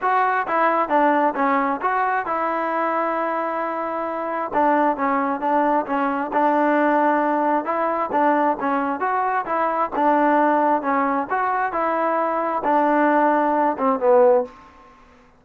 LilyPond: \new Staff \with { instrumentName = "trombone" } { \time 4/4 \tempo 4 = 133 fis'4 e'4 d'4 cis'4 | fis'4 e'2.~ | e'2 d'4 cis'4 | d'4 cis'4 d'2~ |
d'4 e'4 d'4 cis'4 | fis'4 e'4 d'2 | cis'4 fis'4 e'2 | d'2~ d'8 c'8 b4 | }